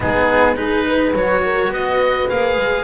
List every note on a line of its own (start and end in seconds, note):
0.00 1.13 G#3
0.00 0.55 B3
0.00 0.56 D#4
0.00 0.56 G#4
0.55 1.13 D#4
0.55 0.85 G#4
0.55 1.13 B4
0.87 1.44 B4
1.13 1.68 F#3
1.13 2.29 F#4
1.13 1.73 C#5
1.44 1.72 A#4
1.68 2.25 B3
1.68 2.29 D#5
1.75 2.84 B4
2.29 2.57 A#3
2.29 2.84 G#4
2.29 2.84 F5
2.57 2.84 G#3